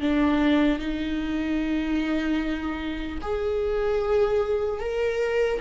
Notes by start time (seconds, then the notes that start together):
0.00 D4
0.79 D#4
3.21 G#4
4.80 A#4